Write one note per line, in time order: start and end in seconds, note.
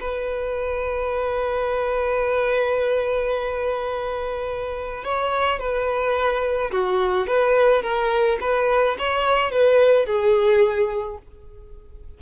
0.00 5.04 B4
5.04 5.59 C#5
5.59 6.71 B4
6.71 7.27 F#4
7.27 7.82 B4
7.82 8.38 A#4
8.41 8.97 B4
8.99 9.51 C#5
9.51 10.06 B4
10.06 11.18 G#4